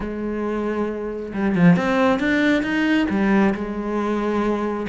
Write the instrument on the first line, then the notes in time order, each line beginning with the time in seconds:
cello
0.00 G#3
1.33 G3
1.55 F3
1.76 C4
2.19 D4
2.62 D#4
3.09 G3
3.54 G#3